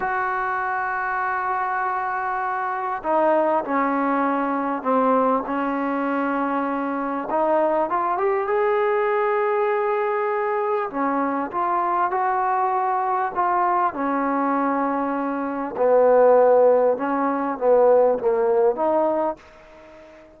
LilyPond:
\new Staff \with { instrumentName = "trombone" } { \time 4/4 \tempo 4 = 99 fis'1~ | fis'4 dis'4 cis'2 | c'4 cis'2. | dis'4 f'8 g'8 gis'2~ |
gis'2 cis'4 f'4 | fis'2 f'4 cis'4~ | cis'2 b2 | cis'4 b4 ais4 dis'4 | }